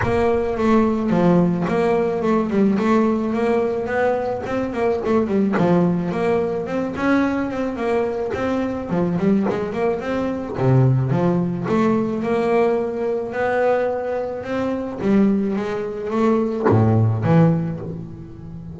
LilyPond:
\new Staff \with { instrumentName = "double bass" } { \time 4/4 \tempo 4 = 108 ais4 a4 f4 ais4 | a8 g8 a4 ais4 b4 | c'8 ais8 a8 g8 f4 ais4 | c'8 cis'4 c'8 ais4 c'4 |
f8 g8 gis8 ais8 c'4 c4 | f4 a4 ais2 | b2 c'4 g4 | gis4 a4 a,4 e4 | }